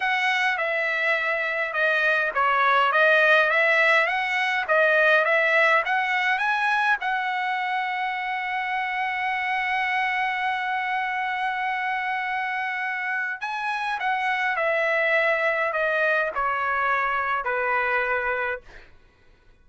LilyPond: \new Staff \with { instrumentName = "trumpet" } { \time 4/4 \tempo 4 = 103 fis''4 e''2 dis''4 | cis''4 dis''4 e''4 fis''4 | dis''4 e''4 fis''4 gis''4 | fis''1~ |
fis''1~ | fis''2. gis''4 | fis''4 e''2 dis''4 | cis''2 b'2 | }